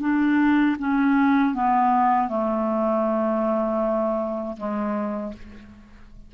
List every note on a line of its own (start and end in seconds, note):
0.00 0.76 D4
0.78 1.54 C#4
1.54 2.28 B3
2.28 4.56 A3
4.57 5.33 G#3